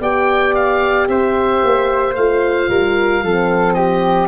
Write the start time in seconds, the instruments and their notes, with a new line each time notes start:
0.00 tuba B3, horn G4, flute D5, oboe G5
0.55 oboe F5
1.08 tuba C4, flute C5, oboe E5
1.63 tuba A#3
2.15 tuba A3, horn F4, oboe F5
2.70 tuba G3, flute A#4
3.23 tuba F3, horn C4, flute A4
3.74 flute G4, oboe D#5